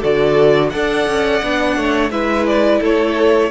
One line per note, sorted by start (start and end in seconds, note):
0.00 0.73 D3
0.00 0.72 F#4
0.00 0.70 A4
0.00 0.70 D5
0.70 1.07 D4
0.70 1.42 A4
0.70 1.77 D5
0.70 2.09 F#5
1.07 1.42 C#4
1.43 1.76 B3
1.43 2.11 D4
1.76 2.10 A3
1.76 2.11 C#5
2.10 2.80 G#3
2.10 3.50 E4
2.10 2.80 B4
2.10 2.46 E5
2.46 2.81 D5
2.80 3.50 A3
2.80 3.50 A4
2.80 3.50 C#5